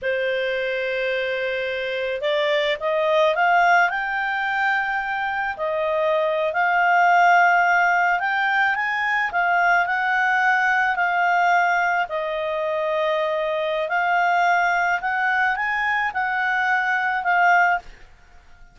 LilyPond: \new Staff \with { instrumentName = "clarinet" } { \time 4/4 \tempo 4 = 108 c''1 | d''4 dis''4 f''4 g''4~ | g''2 dis''4.~ dis''16 f''16~ | f''2~ f''8. g''4 gis''16~ |
gis''8. f''4 fis''2 f''16~ | f''4.~ f''16 dis''2~ dis''16~ | dis''4 f''2 fis''4 | gis''4 fis''2 f''4 | }